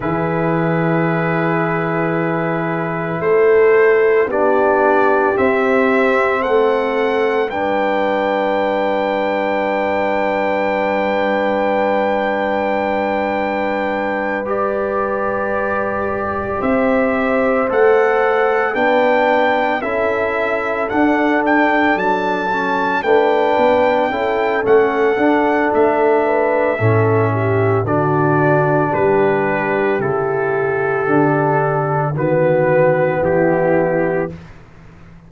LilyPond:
<<
  \new Staff \with { instrumentName = "trumpet" } { \time 4/4 \tempo 4 = 56 b'2. c''4 | d''4 e''4 fis''4 g''4~ | g''1~ | g''4. d''2 e''8~ |
e''8 fis''4 g''4 e''4 fis''8 | g''8 a''4 g''4. fis''4 | e''2 d''4 b'4 | a'2 b'4 g'4 | }
  \new Staff \with { instrumentName = "horn" } { \time 4/4 gis'2. a'4 | g'2 a'4 b'4~ | b'1~ | b'2.~ b'8 c''8~ |
c''4. b'4 a'4.~ | a'4. b'4 a'4.~ | a'8 b'8 a'8 g'8 fis'4 g'4~ | g'2 fis'4 e'4 | }
  \new Staff \with { instrumentName = "trombone" } { \time 4/4 e'1 | d'4 c'2 d'4~ | d'1~ | d'4. g'2~ g'8~ |
g'8 a'4 d'4 e'4 d'8~ | d'4 cis'8 d'4 e'8 cis'8 d'8~ | d'4 cis'4 d'2 | e'4 d'4 b2 | }
  \new Staff \with { instrumentName = "tuba" } { \time 4/4 e2. a4 | b4 c'4 a4 g4~ | g1~ | g2.~ g8 c'8~ |
c'8 a4 b4 cis'4 d'8~ | d'8 fis4 a8 b8 cis'8 a8 d'8 | a4 a,4 d4 g4 | cis4 d4 dis4 e4 | }
>>